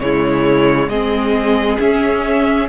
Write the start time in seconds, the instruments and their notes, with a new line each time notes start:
0.00 cello C#3, viola G#3, violin E4 C#5
0.87 cello G#3, viola C4, violin G#4 D#5
1.78 viola C#4, cello C#4, violin E5